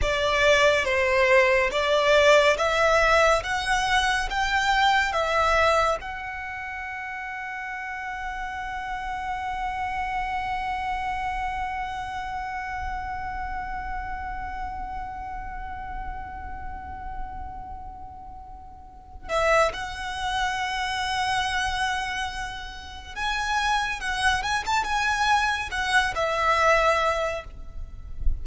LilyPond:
\new Staff \with { instrumentName = "violin" } { \time 4/4 \tempo 4 = 70 d''4 c''4 d''4 e''4 | fis''4 g''4 e''4 fis''4~ | fis''1~ | fis''1~ |
fis''1~ | fis''2~ fis''8 e''8 fis''4~ | fis''2. gis''4 | fis''8 gis''16 a''16 gis''4 fis''8 e''4. | }